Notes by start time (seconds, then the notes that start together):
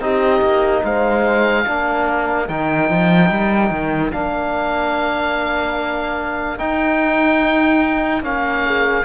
0.00 C4 D#4 G4 D#5
0.42 A#3
0.84 G#3 C5 F5
1.65 A#3 D4 A#4
2.48 D#3 D#4 G5
2.90 F3
3.31 G3
3.71 D#3
4.12 A#3 D4 F5
6.58 D#4 G5
8.22 A#3 C#4 F5
8.66 G#4